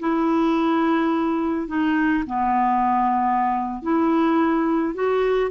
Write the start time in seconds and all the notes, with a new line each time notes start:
0.00 E4
1.68 D#4
2.27 B3
3.83 E4
4.95 F#4